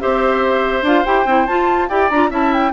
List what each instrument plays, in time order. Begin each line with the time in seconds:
0.00 bassoon C4, clarinet G4, oboe C5, flute E5
0.82 bassoon D4, clarinet F4, flute F5
1.05 bassoon E4, clarinet G4, flute G5
1.25 bassoon C4, clarinet E4
1.46 clarinet F4, bassoon F4, flute A5
1.89 bassoon E4, clarinet G4, oboe D5, flute G5
2.10 bassoon D4, clarinet F4, flute A#5
2.30 bassoon C#4, clarinet E4, oboe E5, flute A5
2.53 flute G5